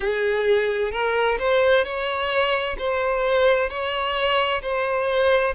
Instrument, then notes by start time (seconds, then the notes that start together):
violin
0.00 G#4
0.91 A#4
1.38 C5
1.84 C#5
2.78 C5
3.69 C#5
4.62 C5